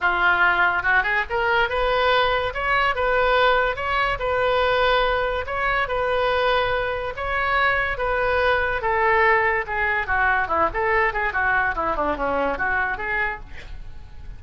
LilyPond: \new Staff \with { instrumentName = "oboe" } { \time 4/4 \tempo 4 = 143 f'2 fis'8 gis'8 ais'4 | b'2 cis''4 b'4~ | b'4 cis''4 b'2~ | b'4 cis''4 b'2~ |
b'4 cis''2 b'4~ | b'4 a'2 gis'4 | fis'4 e'8 a'4 gis'8 fis'4 | e'8 d'8 cis'4 fis'4 gis'4 | }